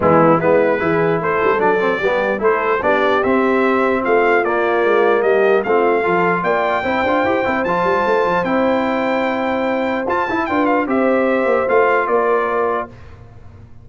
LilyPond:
<<
  \new Staff \with { instrumentName = "trumpet" } { \time 4/4 \tempo 4 = 149 e'4 b'2 c''4 | d''2 c''4 d''4 | e''2 f''4 d''4~ | d''4 dis''4 f''2 |
g''2. a''4~ | a''4 g''2.~ | g''4 a''4 g''8 f''8 e''4~ | e''4 f''4 d''2 | }
  \new Staff \with { instrumentName = "horn" } { \time 4/4 b4 e'4 gis'4 a'4~ | a'4 g'4 a'4 g'4~ | g'2 f'2~ | f'4 g'4 f'4 a'4 |
d''4 c''2.~ | c''1~ | c''2 b'4 c''4~ | c''2 ais'2 | }
  \new Staff \with { instrumentName = "trombone" } { \time 4/4 gis4 b4 e'2 | d'8 c'8 b4 e'4 d'4 | c'2. ais4~ | ais2 c'4 f'4~ |
f'4 e'8 f'8 g'8 e'8 f'4~ | f'4 e'2.~ | e'4 f'8 e'8 f'4 g'4~ | g'4 f'2. | }
  \new Staff \with { instrumentName = "tuba" } { \time 4/4 e4 gis4 e4 a8 g16 a16 | fis4 g4 a4 b4 | c'2 a4 ais4 | gis4 g4 a4 f4 |
ais4 c'8 d'8 e'8 c'8 f8 g8 | a8 f8 c'2.~ | c'4 f'8 e'8 d'4 c'4~ | c'8 ais8 a4 ais2 | }
>>